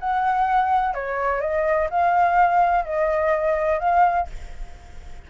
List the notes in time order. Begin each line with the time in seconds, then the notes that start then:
0.00 F#5
0.94 C#5
1.41 D#5
1.90 F5
2.85 D#5
3.79 F5